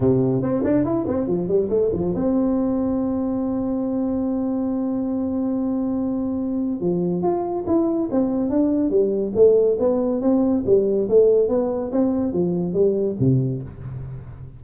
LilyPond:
\new Staff \with { instrumentName = "tuba" } { \time 4/4 \tempo 4 = 141 c4 c'8 d'8 e'8 c'8 f8 g8 | a8 f8 c'2.~ | c'1~ | c'1 |
f4 f'4 e'4 c'4 | d'4 g4 a4 b4 | c'4 g4 a4 b4 | c'4 f4 g4 c4 | }